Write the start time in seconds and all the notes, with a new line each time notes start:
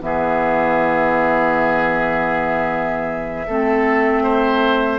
0.00 E3 B3 G#4 E5
3.47 A3 C4 A4
4.24 C5